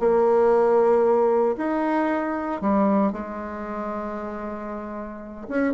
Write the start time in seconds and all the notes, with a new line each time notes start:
0.00 A#3
1.58 D#4
2.62 G3
3.13 G#3
5.49 C#4